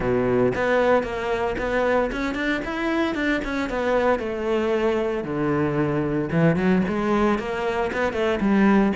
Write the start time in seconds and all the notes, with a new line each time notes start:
0.00 B2
0.55 B3
1.03 A#3
1.58 B3
2.11 C#4
2.34 D4
2.64 E4
3.15 D4
3.44 C#4
3.69 B3
4.19 A3
5.23 D3
6.31 E3
6.56 F#3
6.88 G#3
7.38 A#3
7.92 B3
8.12 A3
8.40 G3